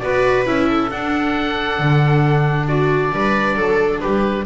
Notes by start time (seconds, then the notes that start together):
0.00 B3 F#4 B4 D5
0.46 C#4 E4 E5
0.68 A4
0.91 D4 F#5
1.79 D3
2.68 F#4 D5
3.13 G3 B4
3.56 F#3 A4
4.01 G3 G4 B4